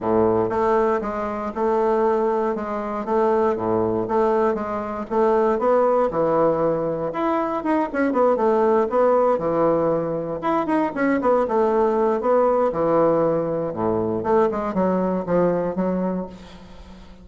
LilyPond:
\new Staff \with { instrumentName = "bassoon" } { \time 4/4 \tempo 4 = 118 a,4 a4 gis4 a4~ | a4 gis4 a4 a,4 | a4 gis4 a4 b4 | e2 e'4 dis'8 cis'8 |
b8 a4 b4 e4.~ | e8 e'8 dis'8 cis'8 b8 a4. | b4 e2 a,4 | a8 gis8 fis4 f4 fis4 | }